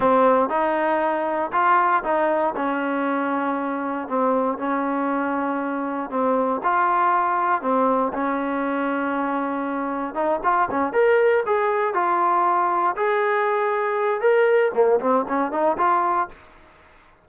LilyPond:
\new Staff \with { instrumentName = "trombone" } { \time 4/4 \tempo 4 = 118 c'4 dis'2 f'4 | dis'4 cis'2. | c'4 cis'2. | c'4 f'2 c'4 |
cis'1 | dis'8 f'8 cis'8 ais'4 gis'4 f'8~ | f'4. gis'2~ gis'8 | ais'4 ais8 c'8 cis'8 dis'8 f'4 | }